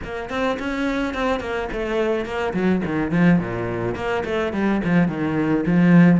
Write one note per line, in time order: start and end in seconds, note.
0.04 0.29 A#3
0.29 0.58 C4
0.59 1.14 C#4
1.14 1.40 C4
1.40 1.68 A#3
1.72 2.25 A3
2.25 2.53 A#3
2.53 2.81 F#3
2.85 3.11 D#3
3.11 3.39 F3
3.39 3.95 A#2
3.95 4.23 A#3
4.25 4.53 A3
4.53 4.81 G3
4.84 5.08 F3
5.08 5.64 D#3
5.66 6.20 F3